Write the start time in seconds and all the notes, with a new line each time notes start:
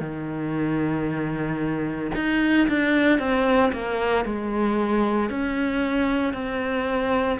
0.00 D#3
2.15 D#4
2.68 D4
3.19 C4
3.72 A#3
4.24 G#3
5.30 C#4
6.33 C4